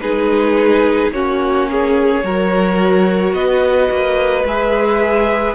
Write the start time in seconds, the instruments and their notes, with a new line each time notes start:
0.00 cello G#3, viola D#4, violin G#4 B4
1.12 cello A#3, viola C#4, violin F#4 C#5
1.71 violin G#4
2.23 cello F#3, viola F#4, violin A#4
3.33 cello B3, violin B4 D#5
3.91 cello A#3
4.44 cello G#3, viola G#4, violin E5